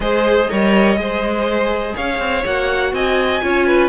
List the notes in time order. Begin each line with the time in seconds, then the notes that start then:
0.00 G#3 G#4 C5 D#5
0.49 G3 A#4 C#5
0.96 G#3 G#4 C5
1.95 C#4 C#5 F5
2.18 C4
2.45 A#3 F#4 F#5
2.92 C4 D#5 G#5
3.42 C#4 F4 C#5
3.66 B4